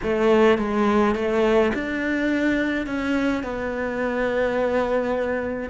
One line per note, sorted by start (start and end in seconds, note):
0.02 0.57 A3
0.57 1.15 G#3
1.15 1.72 A3
1.74 2.86 D4
2.86 3.43 C#4
3.43 5.69 B3